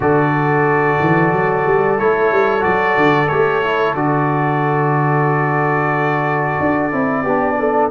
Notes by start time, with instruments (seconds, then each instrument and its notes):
0.00 tuba D3, trombone F#4, horn A4, trumpet D5
0.99 tuba E3
1.32 tuba F#3
1.66 tuba G3
1.98 tuba A3, trombone E4, trumpet C#5
2.31 tuba G3
2.60 tuba F#3, trombone F#4, trumpet D5
2.96 tuba D3
3.27 tuba A3, trombone G4, trumpet C#5
3.63 trombone E4
3.94 tuba D3, trombone F#4, trumpet D5
6.60 tuba D4
6.92 tuba C4, trombone E4
7.22 tuba B3, trombone D4, horn G4
7.59 horn A4